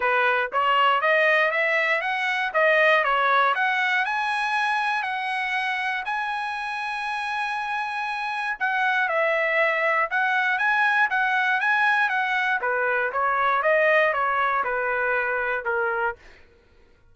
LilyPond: \new Staff \with { instrumentName = "trumpet" } { \time 4/4 \tempo 4 = 119 b'4 cis''4 dis''4 e''4 | fis''4 dis''4 cis''4 fis''4 | gis''2 fis''2 | gis''1~ |
gis''4 fis''4 e''2 | fis''4 gis''4 fis''4 gis''4 | fis''4 b'4 cis''4 dis''4 | cis''4 b'2 ais'4 | }